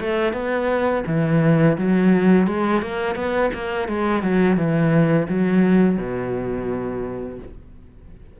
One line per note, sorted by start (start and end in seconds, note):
0.00 0.33 A3
0.33 1.03 B3
1.07 1.77 E3
1.77 2.47 F#3
2.47 2.81 G#3
2.81 3.15 A#3
3.15 3.50 B3
3.53 3.88 A#3
3.88 4.22 G#3
4.22 4.57 F#3
4.57 5.27 E3
5.28 5.97 F#3
5.97 7.38 B2